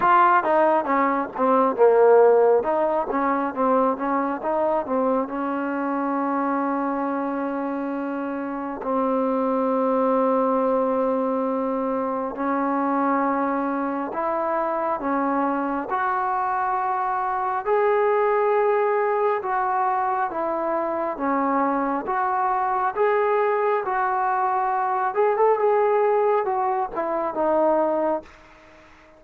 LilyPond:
\new Staff \with { instrumentName = "trombone" } { \time 4/4 \tempo 4 = 68 f'8 dis'8 cis'8 c'8 ais4 dis'8 cis'8 | c'8 cis'8 dis'8 c'8 cis'2~ | cis'2 c'2~ | c'2 cis'2 |
e'4 cis'4 fis'2 | gis'2 fis'4 e'4 | cis'4 fis'4 gis'4 fis'4~ | fis'8 gis'16 a'16 gis'4 fis'8 e'8 dis'4 | }